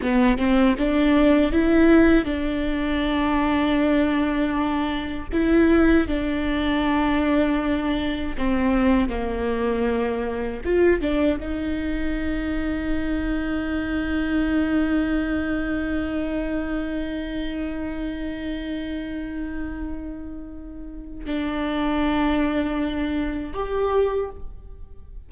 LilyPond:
\new Staff \with { instrumentName = "viola" } { \time 4/4 \tempo 4 = 79 b8 c'8 d'4 e'4 d'4~ | d'2. e'4 | d'2. c'4 | ais2 f'8 d'8 dis'4~ |
dis'1~ | dis'1~ | dis'1 | d'2. g'4 | }